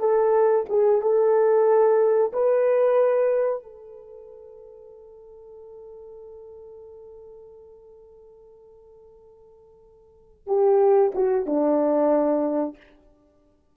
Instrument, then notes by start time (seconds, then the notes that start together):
horn
0.00 A4
0.69 G#4
1.02 A4
2.33 B4
3.63 A4
10.47 G4
11.15 F#4
11.46 D4